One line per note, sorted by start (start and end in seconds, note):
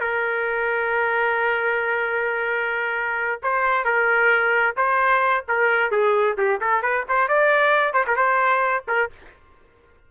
0.00 3.41 A#4
3.42 3.84 C5
3.84 4.75 A#4
4.76 5.44 C5
5.48 5.91 A#4
5.91 6.36 G#4
6.37 6.60 G4
6.60 6.82 A4
6.82 7.05 B4
7.08 7.28 C5
7.28 7.93 D5
7.93 8.05 C5
8.07 8.16 A#4
8.16 8.84 C5
8.88 9.10 A#4